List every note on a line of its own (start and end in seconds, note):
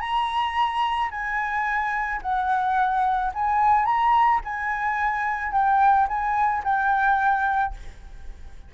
0.00 1.10 A#5
1.11 2.21 G#5
2.22 3.32 F#5
3.34 3.85 G#5
3.85 4.40 A#5
4.44 5.52 G#5
5.52 6.07 G5
6.08 6.63 G#5
6.64 7.74 G5